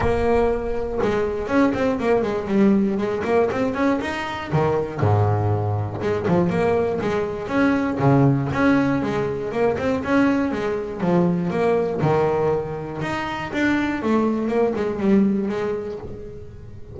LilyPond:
\new Staff \with { instrumentName = "double bass" } { \time 4/4 \tempo 4 = 120 ais2 gis4 cis'8 c'8 | ais8 gis8 g4 gis8 ais8 c'8 cis'8 | dis'4 dis4 gis,2 | gis8 f8 ais4 gis4 cis'4 |
cis4 cis'4 gis4 ais8 c'8 | cis'4 gis4 f4 ais4 | dis2 dis'4 d'4 | a4 ais8 gis8 g4 gis4 | }